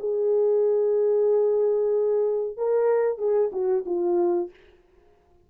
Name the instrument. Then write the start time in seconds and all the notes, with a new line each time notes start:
horn
0.00 G#4
2.58 A#4
3.19 G#4
3.53 F#4
3.86 F4